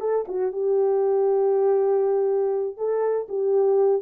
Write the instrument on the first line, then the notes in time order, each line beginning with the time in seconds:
horn
0.00 A4
0.28 F#4
0.52 G4
2.77 A4
3.28 G4